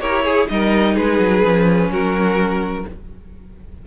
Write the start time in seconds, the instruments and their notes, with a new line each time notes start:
0.00 cello E4, viola G4, violin A#4 C#5
0.24 violin G#4, viola G#4
0.49 cello G3, viola D#4, violin A#4 D#5
0.94 cello G#3, violin G#4 B4
1.19 cello F#3
1.44 cello F3, viola C#4
1.89 cello F#3, violin F#4 A#4